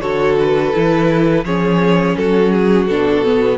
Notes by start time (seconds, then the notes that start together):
0.00 D3 F#4 A4 C#5
0.40 B4
0.73 E3 E4
1.44 F3 C#4 G#4 C#5
2.16 F#3 F#4 A4
2.52 G#4
2.87 B2 D4 A4
3.25 B3